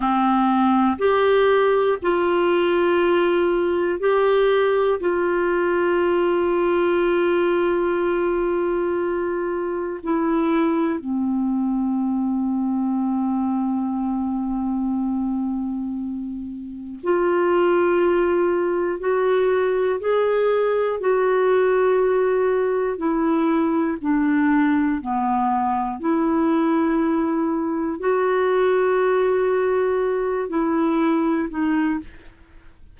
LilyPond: \new Staff \with { instrumentName = "clarinet" } { \time 4/4 \tempo 4 = 60 c'4 g'4 f'2 | g'4 f'2.~ | f'2 e'4 c'4~ | c'1~ |
c'4 f'2 fis'4 | gis'4 fis'2 e'4 | d'4 b4 e'2 | fis'2~ fis'8 e'4 dis'8 | }